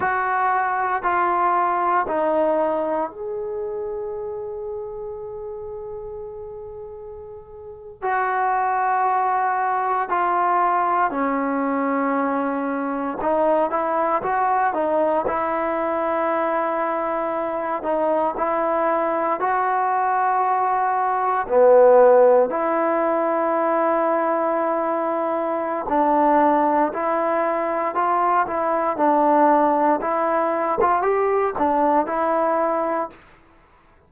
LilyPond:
\new Staff \with { instrumentName = "trombone" } { \time 4/4 \tempo 4 = 58 fis'4 f'4 dis'4 gis'4~ | gis'2.~ gis'8. fis'16~ | fis'4.~ fis'16 f'4 cis'4~ cis'16~ | cis'8. dis'8 e'8 fis'8 dis'8 e'4~ e'16~ |
e'4~ e'16 dis'8 e'4 fis'4~ fis'16~ | fis'8. b4 e'2~ e'16~ | e'4 d'4 e'4 f'8 e'8 | d'4 e'8. f'16 g'8 d'8 e'4 | }